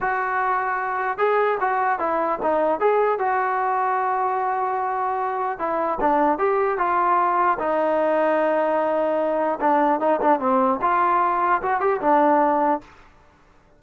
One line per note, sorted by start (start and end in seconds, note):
0.00 1.18 F#4
1.18 1.58 G#4
1.60 1.99 F#4
1.99 2.39 E4
2.42 2.79 D#4
2.79 3.19 G#4
3.19 5.59 F#4
5.59 5.99 E4
6.00 6.38 D4
6.38 6.77 G4
6.77 7.57 F4
7.59 9.59 D#4
9.60 9.99 D4
9.99 10.19 D#4
10.21 10.39 D4
10.39 10.79 C4
10.81 11.61 F4
11.62 11.80 F#4
11.80 12.00 G4
12.00 12.80 D4